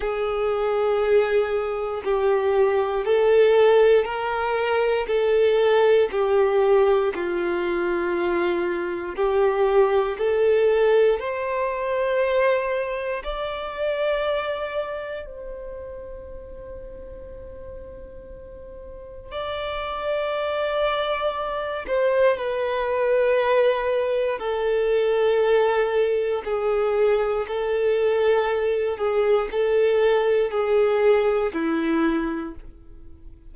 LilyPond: \new Staff \with { instrumentName = "violin" } { \time 4/4 \tempo 4 = 59 gis'2 g'4 a'4 | ais'4 a'4 g'4 f'4~ | f'4 g'4 a'4 c''4~ | c''4 d''2 c''4~ |
c''2. d''4~ | d''4. c''8 b'2 | a'2 gis'4 a'4~ | a'8 gis'8 a'4 gis'4 e'4 | }